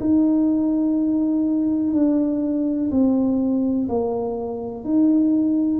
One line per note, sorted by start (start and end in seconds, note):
0.00 1.93 D#4
1.93 2.90 D4
2.91 3.88 C4
3.88 4.84 A#3
4.84 5.80 D#4